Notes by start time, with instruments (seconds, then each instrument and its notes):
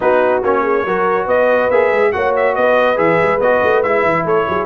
0.00 tuba B3, trombone D#4, horn F#4, trumpet B4
0.42 tuba A#3, trombone C#4, trumpet C#5
0.62 horn G#4
0.85 tuba F#3, trombone F#4, horn A#4
1.25 tuba B3, horn B4, trumpet D#5
1.70 tuba A#3, trombone G#4, trumpet E5
1.91 tuba G#3
2.11 tuba A#3, trombone F#4, horn C#5, trumpet F#5
2.36 trumpet E5
2.55 tuba B3, horn B4, trumpet D#5
2.96 tuba E3, trombone G#4, trumpet E5
3.22 tuba G#3
3.39 tuba B3, trombone F#4, trumpet D#5
3.62 tuba A3
3.83 tuba G#3, trombone E4, trumpet E5
4.03 tuba E3
4.24 tuba A3, horn A4, trumpet C#5
4.48 tuba F#3, horn G#4